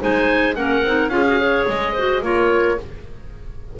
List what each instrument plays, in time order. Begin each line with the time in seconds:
0.00 double bass G#3, clarinet D#4 C5, oboe G#5
0.56 double bass A#3, clarinet C#4 A#4, oboe F#5
0.84 double bass C4, clarinet D#4
1.09 double bass C#4, clarinet F4 G#4, oboe F5
1.28 clarinet F#4
1.38 clarinet G#4 C#5
1.68 double bass G#3, oboe D#5
1.94 clarinet F#4 C5
2.22 double bass A#3, clarinet F4 A#4, oboe C#5